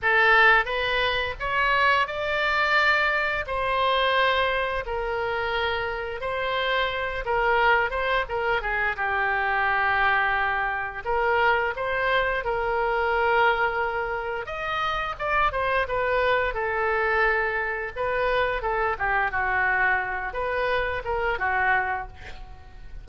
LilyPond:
\new Staff \with { instrumentName = "oboe" } { \time 4/4 \tempo 4 = 87 a'4 b'4 cis''4 d''4~ | d''4 c''2 ais'4~ | ais'4 c''4. ais'4 c''8 | ais'8 gis'8 g'2. |
ais'4 c''4 ais'2~ | ais'4 dis''4 d''8 c''8 b'4 | a'2 b'4 a'8 g'8 | fis'4. b'4 ais'8 fis'4 | }